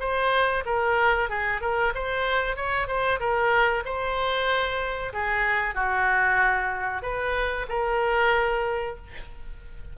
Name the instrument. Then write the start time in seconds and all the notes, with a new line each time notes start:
oboe
0.00 C5
0.66 A#4
1.29 G#4
1.61 A#4
1.94 C5
2.56 C#5
2.87 C5
3.20 A#4
3.85 C5
5.13 G#4
5.75 F#4
7.02 B4
7.69 A#4